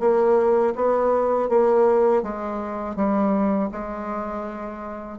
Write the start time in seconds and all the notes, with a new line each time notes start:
0.00 A#3
0.75 B3
1.49 A#3
2.23 G#3
2.96 G3
3.72 G#3